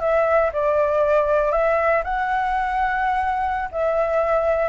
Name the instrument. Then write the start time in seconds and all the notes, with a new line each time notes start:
flute
0.00 E5
0.53 D5
1.51 E5
2.04 F#5
3.71 E5